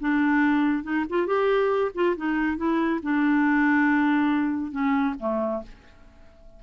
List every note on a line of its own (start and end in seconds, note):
0.00 0.83 D4
0.83 1.05 D#4
1.09 1.26 F4
1.26 1.91 G4
1.94 2.16 F4
2.17 2.57 D#4
2.57 3.00 E4
3.02 4.71 D4
4.71 5.14 C#4
5.19 5.63 A3